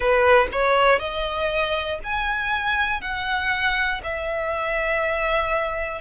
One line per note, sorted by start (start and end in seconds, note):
0.00 0.47 B4
0.51 0.99 C#5
0.99 1.99 D#5
2.03 3.01 G#5
3.01 4.01 F#5
4.03 6.01 E5